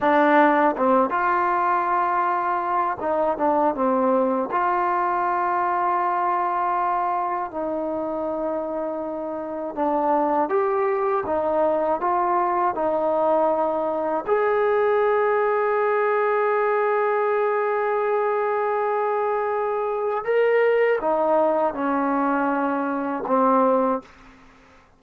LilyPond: \new Staff \with { instrumentName = "trombone" } { \time 4/4 \tempo 4 = 80 d'4 c'8 f'2~ f'8 | dis'8 d'8 c'4 f'2~ | f'2 dis'2~ | dis'4 d'4 g'4 dis'4 |
f'4 dis'2 gis'4~ | gis'1~ | gis'2. ais'4 | dis'4 cis'2 c'4 | }